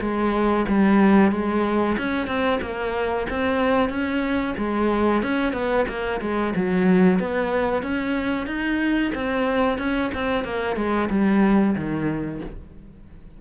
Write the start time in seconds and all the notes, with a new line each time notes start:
0.00 G#3
0.68 G3
1.31 G#3
1.98 C#4
2.27 C4
2.61 A#3
3.29 C4
3.89 C#4
4.57 G#3
5.22 C#4
5.53 B3
5.88 A#3
6.21 G#3
6.56 F#3
7.19 B3
7.82 C#4
8.46 D#4
9.14 C4
9.78 C#4
10.14 C4
10.44 A#3
10.76 G#3
11.10 G3
11.75 D#3